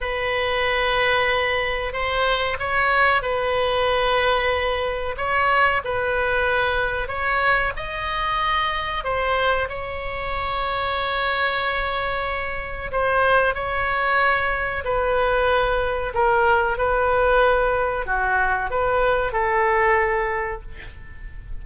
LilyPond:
\new Staff \with { instrumentName = "oboe" } { \time 4/4 \tempo 4 = 93 b'2. c''4 | cis''4 b'2. | cis''4 b'2 cis''4 | dis''2 c''4 cis''4~ |
cis''1 | c''4 cis''2 b'4~ | b'4 ais'4 b'2 | fis'4 b'4 a'2 | }